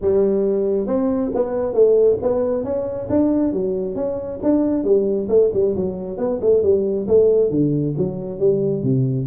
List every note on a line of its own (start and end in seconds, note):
0.01 0.86 G3
0.86 1.31 C4
1.34 1.73 B3
1.73 2.17 A3
2.21 2.64 B3
2.64 3.08 C#4
3.09 3.53 D4
3.53 3.95 F#3
3.95 4.39 C#4
4.42 4.83 D4
4.83 5.28 G3
5.28 5.50 A3
5.53 5.75 G3
5.76 6.17 F#3
6.17 6.39 B3
6.41 6.63 A3
6.63 7.07 G3
7.07 7.50 A3
7.50 7.94 D3
7.97 8.39 F#3
8.39 8.83 G3
8.83 9.26 C3